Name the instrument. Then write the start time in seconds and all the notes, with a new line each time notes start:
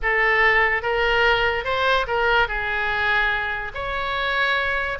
oboe
0.02 A4
0.82 A#4
1.64 C5
2.07 A#4
2.47 G#4
3.74 C#5